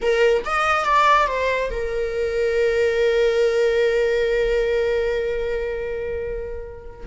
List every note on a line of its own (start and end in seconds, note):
0.01 0.44 A#4
0.45 0.85 D#5
0.85 1.27 D5
1.27 1.70 C5
1.70 7.06 A#4